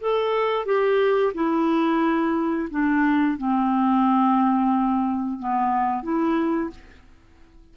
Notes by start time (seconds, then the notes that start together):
0.00 A4
0.65 G4
1.34 E4
2.70 D4
3.37 C4
5.39 B3
6.03 E4